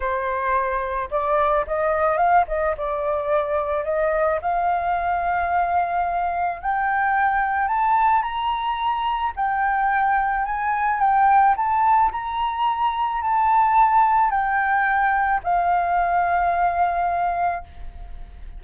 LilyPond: \new Staff \with { instrumentName = "flute" } { \time 4/4 \tempo 4 = 109 c''2 d''4 dis''4 | f''8 dis''8 d''2 dis''4 | f''1 | g''2 a''4 ais''4~ |
ais''4 g''2 gis''4 | g''4 a''4 ais''2 | a''2 g''2 | f''1 | }